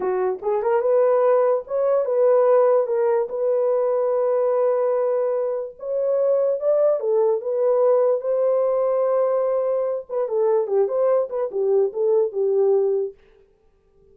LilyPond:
\new Staff \with { instrumentName = "horn" } { \time 4/4 \tempo 4 = 146 fis'4 gis'8 ais'8 b'2 | cis''4 b'2 ais'4 | b'1~ | b'2 cis''2 |
d''4 a'4 b'2 | c''1~ | c''8 b'8 a'4 g'8 c''4 b'8 | g'4 a'4 g'2 | }